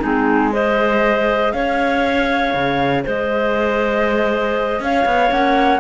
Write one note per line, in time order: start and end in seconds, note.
0.00 1.53 G#3
0.00 0.54 C4
0.00 0.50 D#4
0.00 0.53 G#4
0.53 5.30 G#4
0.53 1.54 C5
0.53 1.52 D#5
1.52 2.54 C#4
1.52 3.05 C#5
1.52 3.03 F5
2.54 3.05 C#3
3.05 4.80 G#3
3.05 4.81 C5
3.05 4.84 D#5
4.80 5.05 C#4
4.80 5.80 C#5
4.80 5.32 F5
5.06 5.31 B3
5.30 5.80 A#3
5.30 5.80 C#4
5.30 5.80 F#5